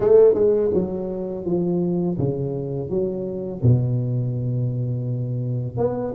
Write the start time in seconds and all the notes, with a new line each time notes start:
0.00 A3
0.34 G#3
0.73 F#3
1.45 F3
2.18 C#3
2.89 F#3
3.62 B2
5.77 B3